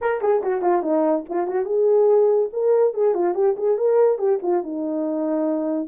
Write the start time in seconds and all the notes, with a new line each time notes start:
0.01 A#4
0.21 G#4
0.43 F#4
0.61 F4
0.82 D#4
1.29 F4
1.47 F#4
1.65 G#4
2.53 A#4
2.94 G#4
3.14 F4
3.34 G4
3.57 G#4
3.77 A#4
4.18 G4
4.42 F4
4.63 D#4